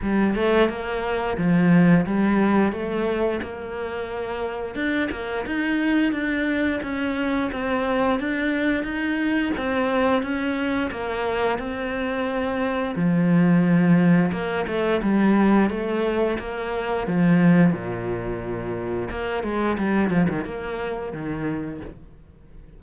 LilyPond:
\new Staff \with { instrumentName = "cello" } { \time 4/4 \tempo 4 = 88 g8 a8 ais4 f4 g4 | a4 ais2 d'8 ais8 | dis'4 d'4 cis'4 c'4 | d'4 dis'4 c'4 cis'4 |
ais4 c'2 f4~ | f4 ais8 a8 g4 a4 | ais4 f4 ais,2 | ais8 gis8 g8 f16 dis16 ais4 dis4 | }